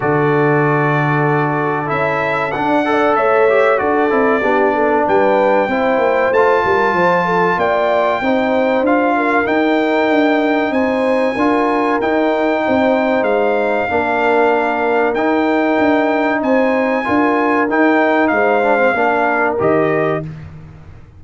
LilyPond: <<
  \new Staff \with { instrumentName = "trumpet" } { \time 4/4 \tempo 4 = 95 d''2. e''4 | fis''4 e''4 d''2 | g''2 a''2 | g''2 f''4 g''4~ |
g''4 gis''2 g''4~ | g''4 f''2. | g''2 gis''2 | g''4 f''2 dis''4 | }
  \new Staff \with { instrumentName = "horn" } { \time 4/4 a'1~ | a'8 d''8 cis''4 a'4 g'8 a'8 | b'4 c''4. ais'8 c''8 a'8 | d''4 c''4. ais'4.~ |
ais'4 c''4 ais'2 | c''2 ais'2~ | ais'2 c''4 ais'4~ | ais'4 c''4 ais'2 | }
  \new Staff \with { instrumentName = "trombone" } { \time 4/4 fis'2. e'4 | d'8 a'4 g'8 fis'8 e'8 d'4~ | d'4 e'4 f'2~ | f'4 dis'4 f'4 dis'4~ |
dis'2 f'4 dis'4~ | dis'2 d'2 | dis'2. f'4 | dis'4. d'16 c'16 d'4 g'4 | }
  \new Staff \with { instrumentName = "tuba" } { \time 4/4 d2. cis'4 | d'4 a4 d'8 c'8 b4 | g4 c'8 ais8 a8 g8 f4 | ais4 c'4 d'4 dis'4 |
d'4 c'4 d'4 dis'4 | c'4 gis4 ais2 | dis'4 d'4 c'4 d'4 | dis'4 gis4 ais4 dis4 | }
>>